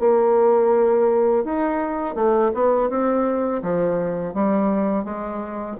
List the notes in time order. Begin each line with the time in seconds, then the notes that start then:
0.00 A#3
1.45 D#4
2.16 A3
2.55 B3
2.90 C4
3.63 F3
4.34 G3
5.05 G#3